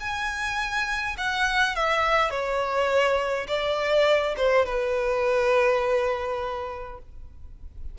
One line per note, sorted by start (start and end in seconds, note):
0.00 1.17 G#5
1.18 1.76 F#5
1.76 2.30 E5
2.30 3.47 C#5
3.47 4.35 D5
4.37 4.65 C5
4.65 6.98 B4